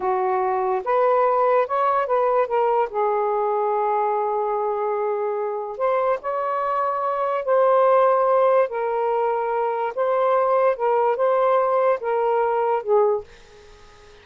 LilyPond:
\new Staff \with { instrumentName = "saxophone" } { \time 4/4 \tempo 4 = 145 fis'2 b'2 | cis''4 b'4 ais'4 gis'4~ | gis'1~ | gis'2 c''4 cis''4~ |
cis''2 c''2~ | c''4 ais'2. | c''2 ais'4 c''4~ | c''4 ais'2 gis'4 | }